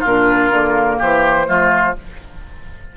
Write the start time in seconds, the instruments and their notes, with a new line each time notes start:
0.00 bassoon A#2, clarinet D4, oboe F4, flute A#4
0.50 bassoon D3, clarinet A#3
0.98 bassoon E3, oboe G4, flute C5
1.46 bassoon F3, clarinet A3, oboe F4